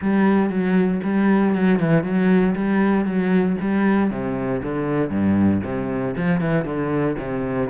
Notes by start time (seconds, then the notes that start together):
0.01 G3
0.49 F#3
1.03 G3
1.54 F#3
1.79 E3
2.03 F#3
2.55 G3
3.05 F#3
3.60 G3
4.10 C3
4.62 D3
5.09 G2
5.63 C3
6.16 F3
6.40 E3
6.64 D3
7.18 C3